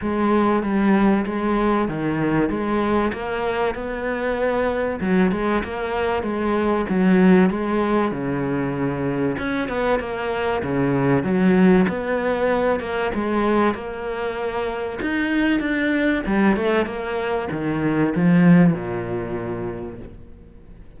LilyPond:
\new Staff \with { instrumentName = "cello" } { \time 4/4 \tempo 4 = 96 gis4 g4 gis4 dis4 | gis4 ais4 b2 | fis8 gis8 ais4 gis4 fis4 | gis4 cis2 cis'8 b8 |
ais4 cis4 fis4 b4~ | b8 ais8 gis4 ais2 | dis'4 d'4 g8 a8 ais4 | dis4 f4 ais,2 | }